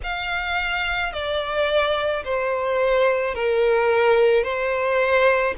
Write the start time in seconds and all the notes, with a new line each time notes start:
0.03 F5
1.12 D5
2.24 C5
3.34 A#4
4.43 C5